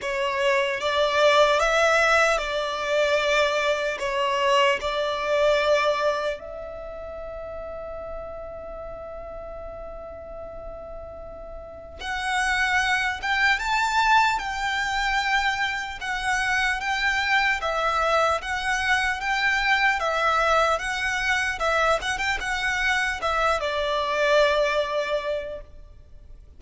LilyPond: \new Staff \with { instrumentName = "violin" } { \time 4/4 \tempo 4 = 75 cis''4 d''4 e''4 d''4~ | d''4 cis''4 d''2 | e''1~ | e''2. fis''4~ |
fis''8 g''8 a''4 g''2 | fis''4 g''4 e''4 fis''4 | g''4 e''4 fis''4 e''8 fis''16 g''16 | fis''4 e''8 d''2~ d''8 | }